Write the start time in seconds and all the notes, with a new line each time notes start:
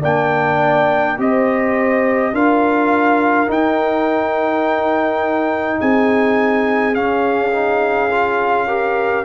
0.00 A#3 D4 D5 G5
1.17 C4 G4 C5 D#5
2.32 D4 F4 A#4 F5
3.47 D#4 G5
5.80 C4 G#4 G#5
6.93 C#4 F5
7.51 D#4
8.11 F4
8.67 G4 A#4